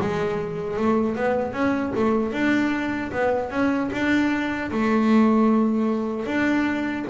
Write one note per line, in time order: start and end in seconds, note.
0.00 0.76 G#3
0.76 1.15 A3
1.15 1.53 B3
1.53 1.92 C#4
1.95 2.32 A3
2.32 3.11 D4
3.12 3.50 B3
3.50 3.90 C#4
3.92 4.70 D4
4.71 6.26 A3
6.26 7.05 D4